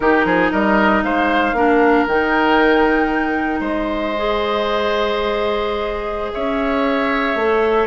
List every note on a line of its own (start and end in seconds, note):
0.00 0.24 D#3
0.00 1.56 D#4
0.00 0.26 G4
0.00 0.51 A#4
0.25 0.50 F3
0.25 0.51 G#4
0.51 1.03 G3
0.51 1.03 A#4
0.51 1.03 D#5
1.03 1.53 G#3
1.03 1.56 C5
1.03 2.06 F5
1.53 2.04 A#3
1.53 2.08 D4
1.53 3.60 A#4
2.07 3.60 D#3
2.07 4.15 D#4
2.07 3.62 G5
3.60 6.31 G#3
3.60 6.31 C5
3.60 6.32 D#5
4.16 7.38 G#4
6.32 7.35 C#4
6.32 7.86 C#5
6.32 7.86 E5
7.35 7.86 A3
7.35 7.86 A4